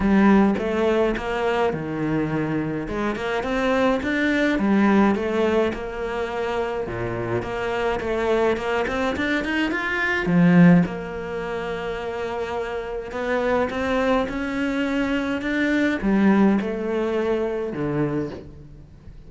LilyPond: \new Staff \with { instrumentName = "cello" } { \time 4/4 \tempo 4 = 105 g4 a4 ais4 dis4~ | dis4 gis8 ais8 c'4 d'4 | g4 a4 ais2 | ais,4 ais4 a4 ais8 c'8 |
d'8 dis'8 f'4 f4 ais4~ | ais2. b4 | c'4 cis'2 d'4 | g4 a2 d4 | }